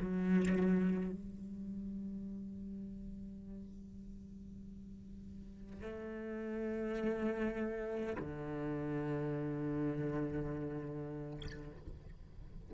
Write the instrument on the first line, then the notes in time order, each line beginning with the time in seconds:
cello
0.00 F#3
1.11 G3
5.81 A3
8.19 D3